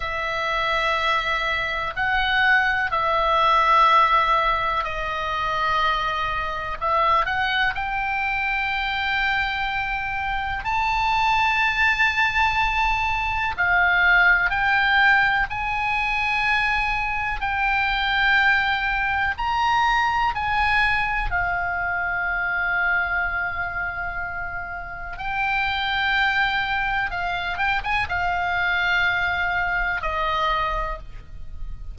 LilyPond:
\new Staff \with { instrumentName = "oboe" } { \time 4/4 \tempo 4 = 62 e''2 fis''4 e''4~ | e''4 dis''2 e''8 fis''8 | g''2. a''4~ | a''2 f''4 g''4 |
gis''2 g''2 | ais''4 gis''4 f''2~ | f''2 g''2 | f''8 g''16 gis''16 f''2 dis''4 | }